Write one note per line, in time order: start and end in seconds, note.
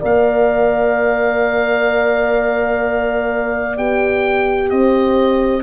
0.00 3.78 A#3
0.00 3.77 A#4
0.00 4.69 D5
0.00 3.78 F5
3.78 4.72 B3
3.78 5.63 G4
3.78 4.70 G5
4.70 5.63 C4
4.70 5.63 C5
4.70 5.63 D#5